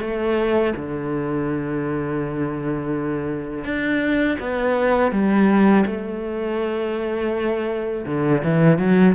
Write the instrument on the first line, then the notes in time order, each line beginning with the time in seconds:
cello
0.00 A3
0.76 D3
3.64 D4
4.39 B3
5.12 G3
5.86 A3
8.06 D3
8.43 E3
8.78 F#3